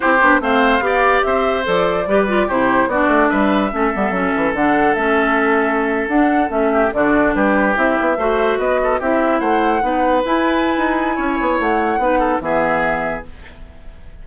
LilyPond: <<
  \new Staff \with { instrumentName = "flute" } { \time 4/4 \tempo 4 = 145 c''4 f''2 e''4 | d''2 c''4 d''4 | e''2. fis''4 | e''2~ e''8. fis''4 e''16~ |
e''8. d''4 b'4 e''4~ e''16~ | e''8. dis''4 e''4 fis''4~ fis''16~ | fis''8. gis''2.~ gis''16 | fis''2 e''2 | }
  \new Staff \with { instrumentName = "oboe" } { \time 4/4 g'4 c''4 d''4 c''4~ | c''4 b'4 g'4 fis'4 | b'4 a'2.~ | a'1~ |
a'16 g'8 fis'4 g'2 c''16~ | c''8. b'8 a'8 g'4 c''4 b'16~ | b'2. cis''4~ | cis''4 b'8 a'8 gis'2 | }
  \new Staff \with { instrumentName = "clarinet" } { \time 4/4 e'8 d'8 c'4 g'2 | a'4 g'8 f'8 e'4 d'4~ | d'4 cis'8 b8 cis'4 d'4 | cis'2~ cis'8. d'4 cis'16~ |
cis'8. d'2 e'4 fis'16~ | fis'4.~ fis'16 e'2 dis'16~ | dis'8. e'2.~ e'16~ | e'4 dis'4 b2 | }
  \new Staff \with { instrumentName = "bassoon" } { \time 4/4 c'8 b8 a4 b4 c'4 | f4 g4 c4 b8 a8 | g4 a8 g8 fis8 e8 d4 | a2~ a8. d'4 a16~ |
a8. d4 g4 c'8 b8 a16~ | a8. b4 c'4 a4 b16~ | b8. e'4~ e'16 dis'4 cis'8 b8 | a4 b4 e2 | }
>>